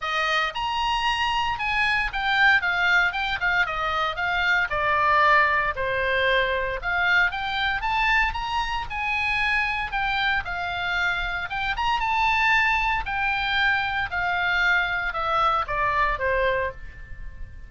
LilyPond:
\new Staff \with { instrumentName = "oboe" } { \time 4/4 \tempo 4 = 115 dis''4 ais''2 gis''4 | g''4 f''4 g''8 f''8 dis''4 | f''4 d''2 c''4~ | c''4 f''4 g''4 a''4 |
ais''4 gis''2 g''4 | f''2 g''8 ais''8 a''4~ | a''4 g''2 f''4~ | f''4 e''4 d''4 c''4 | }